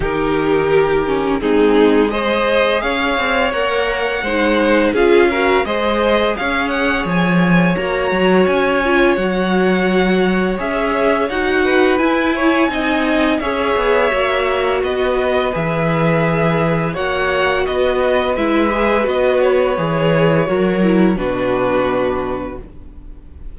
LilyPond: <<
  \new Staff \with { instrumentName = "violin" } { \time 4/4 \tempo 4 = 85 ais'2 gis'4 dis''4 | f''4 fis''2 f''4 | dis''4 f''8 fis''8 gis''4 ais''4 | gis''4 fis''2 e''4 |
fis''4 gis''2 e''4~ | e''4 dis''4 e''2 | fis''4 dis''4 e''4 dis''8 cis''8~ | cis''2 b'2 | }
  \new Staff \with { instrumentName = "violin" } { \time 4/4 g'2 dis'4 c''4 | cis''2 c''4 gis'8 ais'8 | c''4 cis''2.~ | cis''1~ |
cis''8 b'4 cis''8 dis''4 cis''4~ | cis''4 b'2. | cis''4 b'2.~ | b'4 ais'4 fis'2 | }
  \new Staff \with { instrumentName = "viola" } { \time 4/4 dis'4. cis'8 c'4 gis'4~ | gis'4 ais'4 dis'4 f'8 fis'8 | gis'2. fis'4~ | fis'8 f'8 fis'2 gis'4 |
fis'4 e'4 dis'4 gis'4 | fis'2 gis'2 | fis'2 e'8 gis'8 fis'4 | gis'4 fis'8 e'8 d'2 | }
  \new Staff \with { instrumentName = "cello" } { \time 4/4 dis2 gis2 | cis'8 c'8 ais4 gis4 cis'4 | gis4 cis'4 f4 ais8 fis8 | cis'4 fis2 cis'4 |
dis'4 e'4 c'4 cis'8 b8 | ais4 b4 e2 | ais4 b4 gis4 b4 | e4 fis4 b,2 | }
>>